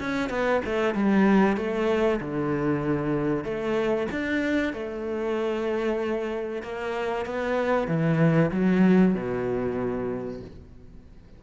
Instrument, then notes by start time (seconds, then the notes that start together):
cello
0.00 C#4
0.30 B3
0.65 A3
0.95 G3
1.57 A3
2.21 D3
3.44 A3
4.11 D4
4.73 A3
6.63 A#3
7.26 B3
7.88 E3
8.52 F#3
9.15 B2